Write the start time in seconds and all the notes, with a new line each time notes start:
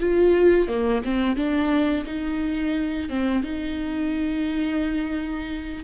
0.00 F4
0.68 A#3
1.04 C4
1.36 D4
2.06 D#4
3.09 C4
3.43 D#4